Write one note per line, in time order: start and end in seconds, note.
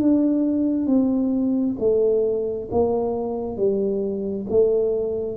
0.00 0.87 D4
0.87 1.77 C4
1.80 2.69 A3
2.72 3.57 A#3
3.57 4.47 G3
4.50 5.38 A3